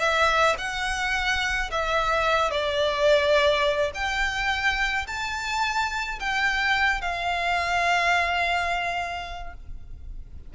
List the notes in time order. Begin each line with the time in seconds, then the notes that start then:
0.00 E5
0.59 F#5
1.72 E5
2.51 D5
3.95 G5
5.07 A5
6.20 G5
7.02 F5